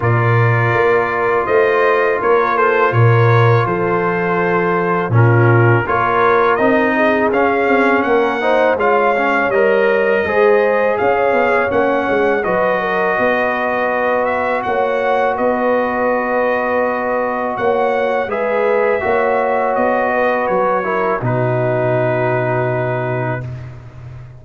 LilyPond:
<<
  \new Staff \with { instrumentName = "trumpet" } { \time 4/4 \tempo 4 = 82 d''2 dis''4 cis''8 c''8 | cis''4 c''2 ais'4 | cis''4 dis''4 f''4 fis''4 | f''4 dis''2 f''4 |
fis''4 dis''2~ dis''8 e''8 | fis''4 dis''2. | fis''4 e''2 dis''4 | cis''4 b'2. | }
  \new Staff \with { instrumentName = "horn" } { \time 4/4 ais'2 c''4 ais'8 a'8 | ais'4 a'2 f'4 | ais'4. gis'4. ais'8 c''8 | cis''2 c''4 cis''4~ |
cis''4 b'8 ais'8 b'2 | cis''4 b'2. | cis''4 b'4 cis''4. b'8~ | b'8 ais'8 fis'2. | }
  \new Staff \with { instrumentName = "trombone" } { \time 4/4 f'1~ | f'2. cis'4 | f'4 dis'4 cis'4. dis'8 | f'8 cis'8 ais'4 gis'2 |
cis'4 fis'2.~ | fis'1~ | fis'4 gis'4 fis'2~ | fis'8 e'8 dis'2. | }
  \new Staff \with { instrumentName = "tuba" } { \time 4/4 ais,4 ais4 a4 ais4 | ais,4 f2 ais,4 | ais4 c'4 cis'8 c'8 ais4 | gis4 g4 gis4 cis'8 b8 |
ais8 gis8 fis4 b2 | ais4 b2. | ais4 gis4 ais4 b4 | fis4 b,2. | }
>>